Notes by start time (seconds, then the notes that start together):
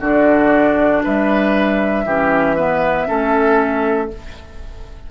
0.00 D3 D4 F#4 D5
1.03 G3 B4 E5
2.04 E3 C#4 G4
2.56 B3 B4
3.07 A3 C#4 A4